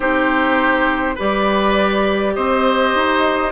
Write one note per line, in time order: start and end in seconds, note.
0.00 1.17 C4
0.00 1.15 D#4
0.00 1.15 G4
0.00 1.17 C5
1.15 2.36 G3
1.15 3.51 G4
1.15 2.33 B4
1.15 2.34 D5
2.34 2.95 C4
2.34 3.51 C5
2.34 3.51 D#5
2.95 3.51 D#4